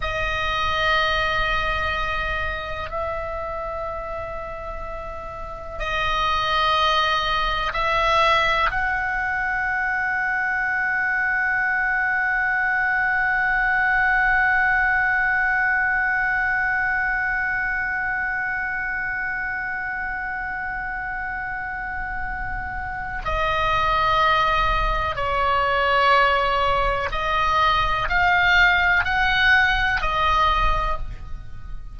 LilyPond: \new Staff \with { instrumentName = "oboe" } { \time 4/4 \tempo 4 = 62 dis''2. e''4~ | e''2 dis''2 | e''4 fis''2.~ | fis''1~ |
fis''1~ | fis''1 | dis''2 cis''2 | dis''4 f''4 fis''4 dis''4 | }